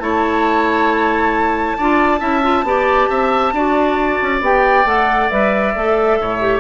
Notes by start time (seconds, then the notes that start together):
0.00 A3 E4 C#5 A5
1.77 D4 F4 D5
2.20 C#4 E4 E5
2.42 F4
2.63 B3 G4 D5
3.10 C4 E5
3.53 D4 F#4 D5
4.22 C#4
4.41 B3 G4 G5
4.85 A3 A4 F#5
5.30 G3 B4 E5
5.75 A3 A4
6.20 A2 C#5
6.40 G4